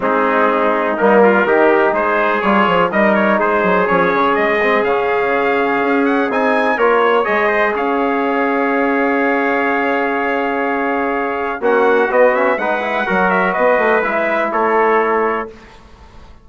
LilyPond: <<
  \new Staff \with { instrumentName = "trumpet" } { \time 4/4 \tempo 4 = 124 gis'2 ais'2 | c''4 cis''4 dis''8 cis''8 c''4 | cis''4 dis''4 f''2~ | f''8 fis''8 gis''4 cis''4 dis''4 |
f''1~ | f''1 | fis''4 dis''8 e''8 fis''4. e''8 | dis''4 e''4 cis''2 | }
  \new Staff \with { instrumentName = "trumpet" } { \time 4/4 dis'2~ dis'8 f'8 g'4 | gis'2 ais'4 gis'4~ | gis'1~ | gis'2 ais'8 cis''4 c''8 |
cis''1~ | cis''1 | fis'2 b'4 ais'4 | b'2 a'2 | }
  \new Staff \with { instrumentName = "trombone" } { \time 4/4 c'2 ais4 dis'4~ | dis'4 f'4 dis'2 | cis'4. c'8 cis'2~ | cis'4 dis'4 f'4 gis'4~ |
gis'1~ | gis'1 | cis'4 b8 cis'8 dis'8 e'8 fis'4~ | fis'4 e'2. | }
  \new Staff \with { instrumentName = "bassoon" } { \time 4/4 gis2 g4 dis4 | gis4 g8 f8 g4 gis8 fis8 | f8 cis8 gis4 cis2 | cis'4 c'4 ais4 gis4 |
cis'1~ | cis'1 | ais4 b4 gis4 fis4 | b8 a8 gis4 a2 | }
>>